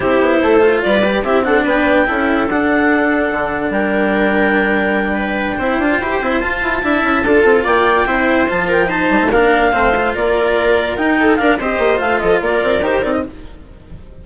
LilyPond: <<
  \new Staff \with { instrumentName = "clarinet" } { \time 4/4 \tempo 4 = 145 c''2 d''4 e''8 fis''8 | g''2 fis''2~ | fis''4 g''2.~ | g''2.~ g''8 a''8~ |
a''2~ a''8 g''4.~ | g''8 a''8 g''8 a''4 f''4.~ | f''8 d''2 g''4 f''8 | dis''4 f''8 dis''8 d''4 c''8 d''16 dis''16 | }
  \new Staff \with { instrumentName = "viola" } { \time 4/4 g'4 a'4 b'4 g'8 a'8 | b'4 a'2.~ | a'4 ais'2.~ | ais'8 b'4 c''2~ c''8~ |
c''8 e''4 a'4 d''4 c''8~ | c''4 ais'8 c''4 ais'4 c''8~ | c''8 ais'2~ ais'8 a'8 ais'8 | c''4. a'8 ais'2 | }
  \new Staff \with { instrumentName = "cello" } { \time 4/4 e'4. f'4 g'8 e'8 d'8~ | d'4 e'4 d'2~ | d'1~ | d'4. e'8 f'8 g'8 e'8 f'8~ |
f'8 e'4 f'2 e'8~ | e'8 f'4 dis'4 d'4 c'8 | f'2~ f'8 dis'4 d'8 | g'4 f'2 g'8 dis'8 | }
  \new Staff \with { instrumentName = "bassoon" } { \time 4/4 c'8 b8 a4 g4 c'4 | b4 cis'4 d'2 | d4 g2.~ | g4. c'8 d'8 e'8 c'8 f'8 |
e'8 d'8 cis'8 d'8 c'8 ais4 c'8~ | c'8 f4. g16 a16 ais4 a8~ | a8 ais2 dis'4 d'8 | c'8 ais8 a8 f8 ais8 c'8 dis'8 c'8 | }
>>